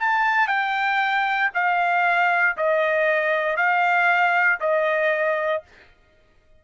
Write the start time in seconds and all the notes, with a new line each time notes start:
0.00 A5
0.48 G5
1.54 F5
2.57 D#5
3.57 F5
4.61 D#5